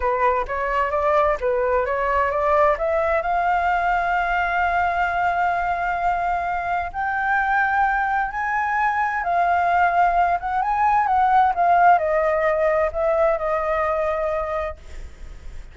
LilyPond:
\new Staff \with { instrumentName = "flute" } { \time 4/4 \tempo 4 = 130 b'4 cis''4 d''4 b'4 | cis''4 d''4 e''4 f''4~ | f''1~ | f''2. g''4~ |
g''2 gis''2 | f''2~ f''8 fis''8 gis''4 | fis''4 f''4 dis''2 | e''4 dis''2. | }